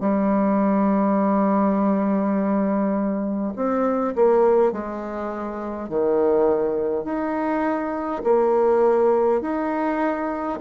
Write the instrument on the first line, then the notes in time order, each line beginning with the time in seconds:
bassoon
0.00 G3
3.56 C4
4.15 A#3
4.72 G#3
5.89 D#3
7.04 D#4
8.24 A#3
9.41 D#4